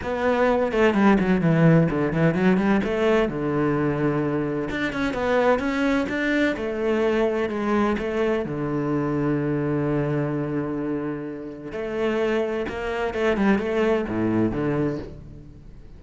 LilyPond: \new Staff \with { instrumentName = "cello" } { \time 4/4 \tempo 4 = 128 b4. a8 g8 fis8 e4 | d8 e8 fis8 g8 a4 d4~ | d2 d'8 cis'8 b4 | cis'4 d'4 a2 |
gis4 a4 d2~ | d1~ | d4 a2 ais4 | a8 g8 a4 a,4 d4 | }